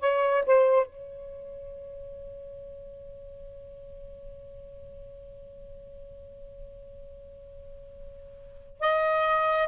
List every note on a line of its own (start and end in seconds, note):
0.00 0.44 C#5
0.46 0.86 C5
0.86 8.80 C#5
8.80 9.68 D#5